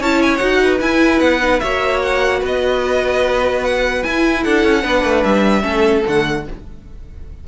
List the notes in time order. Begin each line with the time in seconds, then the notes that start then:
0.00 C#4 E4 C#5 A5
0.22 G#5
0.36 D#4 F#4 F#5
0.63 B4
0.80 E4 G#5
1.20 B3 F#5
1.41 D#4
1.60 A#3 F#4 C#5 E5
2.03 F#5
2.39 B3 B4
2.46 D#5
3.64 F#5
4.04 E4 G#5
4.43 D4 A4 F#5
4.64 C#4
4.83 B3 D4 B4
5.04 A3
5.23 G3 E5
5.62 A3 C#4 A4
6.06 D3 A3 F#5